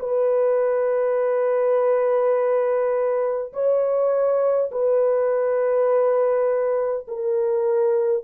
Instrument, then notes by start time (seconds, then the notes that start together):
horn
0.00 B4
3.53 C#5
4.72 B4
7.08 A#4